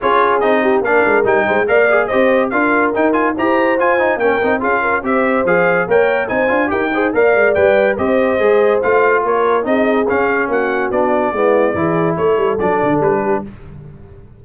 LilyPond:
<<
  \new Staff \with { instrumentName = "trumpet" } { \time 4/4 \tempo 4 = 143 cis''4 dis''4 f''4 g''4 | f''4 dis''4 f''4 g''8 gis''8 | ais''4 gis''4 g''4 f''4 | e''4 f''4 g''4 gis''4 |
g''4 f''4 g''4 dis''4~ | dis''4 f''4 cis''4 dis''4 | f''4 fis''4 d''2~ | d''4 cis''4 d''4 b'4 | }
  \new Staff \with { instrumentName = "horn" } { \time 4/4 gis'4. g'8 ais'4. c''8 | d''4 c''4 ais'2 | c''2 ais'4 gis'8 ais'8 | c''2 cis''4 c''4 |
ais'8 c''8 d''2 c''4~ | c''2 ais'4 gis'4~ | gis'4 fis'2 e'4 | gis'4 a'2~ a'8 g'8 | }
  \new Staff \with { instrumentName = "trombone" } { \time 4/4 f'4 dis'4 d'4 dis'4 | ais'8 gis'8 g'4 f'4 dis'8 f'8 | g'4 f'8 dis'8 cis'8 dis'8 f'4 | g'4 gis'4 ais'4 dis'8 f'8 |
g'8 gis'8 ais'4 b'4 g'4 | gis'4 f'2 dis'4 | cis'2 d'4 b4 | e'2 d'2 | }
  \new Staff \with { instrumentName = "tuba" } { \time 4/4 cis'4 c'4 ais8 gis8 g8 gis8 | ais4 c'4 d'4 dis'4 | e'4 f'4 ais8 c'8 cis'4 | c'4 f4 ais4 c'8 d'8 |
dis'4 ais8 gis8 g4 c'4 | gis4 a4 ais4 c'4 | cis'4 ais4 b4 gis4 | e4 a8 g8 fis8 d8 g4 | }
>>